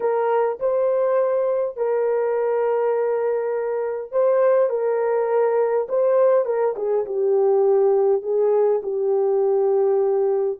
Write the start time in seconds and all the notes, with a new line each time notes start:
0.00 A#4
0.59 C5
1.76 A#4
4.11 C5
4.69 A#4
5.89 C5
6.45 A#4
6.75 G#4
7.05 G4
8.22 G#4
8.82 G4